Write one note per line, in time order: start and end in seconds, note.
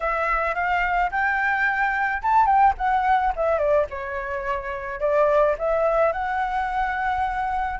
0.00 0.55 E5
0.55 1.10 F5
1.11 2.22 G5
2.22 2.46 A5
2.46 2.73 G5
2.77 3.33 F#5
3.36 3.58 E5
3.58 3.86 D5
3.90 5.00 C#5
5.00 5.55 D5
5.58 6.12 E5
6.12 7.79 F#5